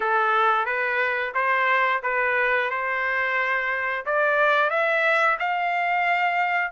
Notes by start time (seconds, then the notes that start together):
0.00 A4
0.65 B4
1.34 C5
2.02 B4
2.70 C5
4.05 D5
4.70 E5
5.39 F5